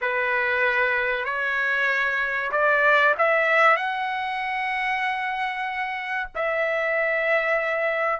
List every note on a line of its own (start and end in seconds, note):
0.01 1.25 B4
1.25 2.51 C#5
2.51 3.14 D5
3.18 3.76 E5
3.76 6.28 F#5
6.35 8.20 E5